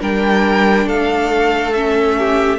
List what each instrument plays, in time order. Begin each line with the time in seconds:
0.00 cello G3, viola D4, violin A#4 G5
0.86 cello A3, violin A4 F5
1.73 viola C#4, violin E5
2.18 violin G4